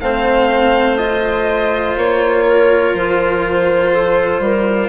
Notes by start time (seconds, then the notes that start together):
0.00 A3 C4 C5 F5
0.98 F4 D#5
1.96 A#3 C#5
2.46 A#4
2.94 F3 C5
3.92 A4
4.39 G3 A#4